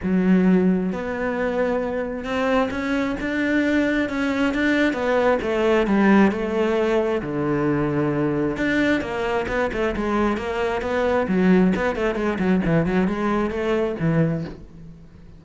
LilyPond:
\new Staff \with { instrumentName = "cello" } { \time 4/4 \tempo 4 = 133 fis2 b2~ | b4 c'4 cis'4 d'4~ | d'4 cis'4 d'4 b4 | a4 g4 a2 |
d2. d'4 | ais4 b8 a8 gis4 ais4 | b4 fis4 b8 a8 gis8 fis8 | e8 fis8 gis4 a4 e4 | }